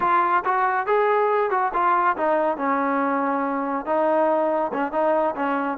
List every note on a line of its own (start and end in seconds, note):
0.00 0.43 F4
0.45 0.86 F#4
0.86 1.50 G#4
1.50 1.71 F#4
1.73 2.16 F4
2.16 2.57 D#4
2.57 3.85 C#4
3.85 4.71 D#4
4.73 4.92 C#4
4.92 5.35 D#4
5.35 5.77 C#4